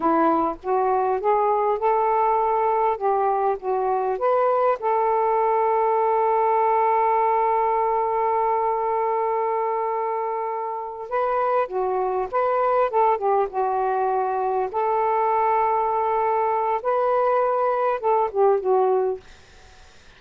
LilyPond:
\new Staff \with { instrumentName = "saxophone" } { \time 4/4 \tempo 4 = 100 e'4 fis'4 gis'4 a'4~ | a'4 g'4 fis'4 b'4 | a'1~ | a'1~ |
a'2~ a'8 b'4 fis'8~ | fis'8 b'4 a'8 g'8 fis'4.~ | fis'8 a'2.~ a'8 | b'2 a'8 g'8 fis'4 | }